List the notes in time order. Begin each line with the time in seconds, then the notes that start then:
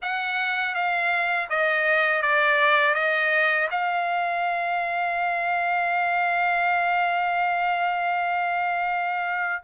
0.02 F#5
0.74 F5
1.49 D#5
2.22 D5
2.94 D#5
3.70 F5